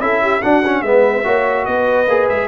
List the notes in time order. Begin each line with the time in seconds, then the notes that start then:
0.00 C#4 E4 A4 E5
0.22 G4
0.40 D4 F#4 F#5
0.66 C#4
0.82 G#3 B3 B4 E5
1.24 A#3 F#4 C#5
1.65 B3 B4 D#5
2.07 A#3 G#4
2.29 G#3 E5